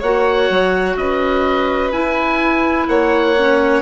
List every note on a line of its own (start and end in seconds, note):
0.00 0.50 A#3
0.00 1.93 F#4
0.00 0.95 C#5
0.00 0.97 F#5
0.50 0.97 F#3
0.97 1.92 C#4
0.97 2.90 B4
0.97 1.92 D#5
1.92 2.88 E4
1.92 3.36 E4
1.92 2.87 G#5
2.88 3.83 A#3
2.88 3.83 C#5
2.88 3.83 F#5
3.38 3.83 C#4